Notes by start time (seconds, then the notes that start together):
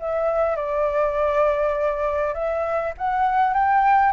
0.00 E5
0.56 D5
2.34 E5
2.98 F#5
3.54 G5